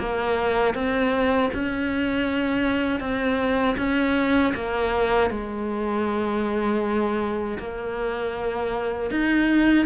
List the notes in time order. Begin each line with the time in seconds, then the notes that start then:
0.00 A#3
0.75 C4
1.54 C#4
3.00 C4
3.78 C#4
4.55 A#3
5.31 G#3
7.59 A#3
9.11 D#4